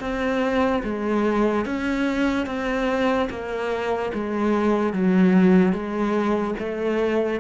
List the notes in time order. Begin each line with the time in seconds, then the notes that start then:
0.00 C4
0.83 G#3
1.65 C#4
2.46 C4
3.30 A#3
4.14 G#3
4.93 F#3
5.72 G#3
6.59 A3